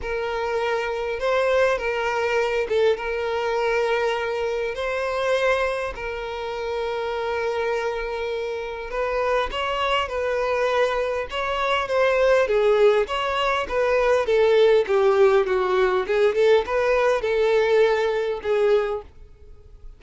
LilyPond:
\new Staff \with { instrumentName = "violin" } { \time 4/4 \tempo 4 = 101 ais'2 c''4 ais'4~ | ais'8 a'8 ais'2. | c''2 ais'2~ | ais'2. b'4 |
cis''4 b'2 cis''4 | c''4 gis'4 cis''4 b'4 | a'4 g'4 fis'4 gis'8 a'8 | b'4 a'2 gis'4 | }